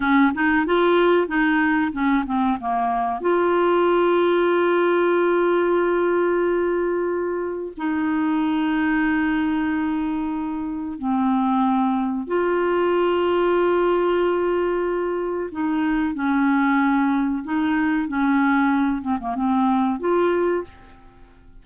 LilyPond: \new Staff \with { instrumentName = "clarinet" } { \time 4/4 \tempo 4 = 93 cis'8 dis'8 f'4 dis'4 cis'8 c'8 | ais4 f'2.~ | f'1 | dis'1~ |
dis'4 c'2 f'4~ | f'1 | dis'4 cis'2 dis'4 | cis'4. c'16 ais16 c'4 f'4 | }